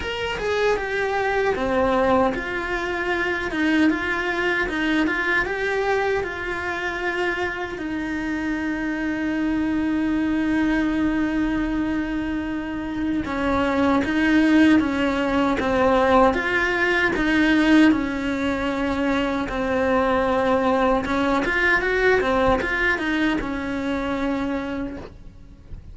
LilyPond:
\new Staff \with { instrumentName = "cello" } { \time 4/4 \tempo 4 = 77 ais'8 gis'8 g'4 c'4 f'4~ | f'8 dis'8 f'4 dis'8 f'8 g'4 | f'2 dis'2~ | dis'1~ |
dis'4 cis'4 dis'4 cis'4 | c'4 f'4 dis'4 cis'4~ | cis'4 c'2 cis'8 f'8 | fis'8 c'8 f'8 dis'8 cis'2 | }